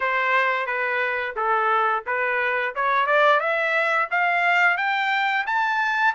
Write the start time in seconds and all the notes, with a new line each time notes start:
0.00 C5
0.66 B4
1.35 A4
2.06 B4
2.75 C#5
3.06 D5
3.40 E5
4.10 F5
4.77 G5
5.46 A5